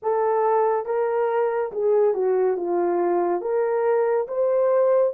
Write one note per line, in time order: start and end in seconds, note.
0.02 0.85 A4
0.85 1.71 A#4
1.72 2.14 G#4
2.14 2.56 F#4
2.56 3.41 F4
3.41 4.27 A#4
4.27 5.13 C5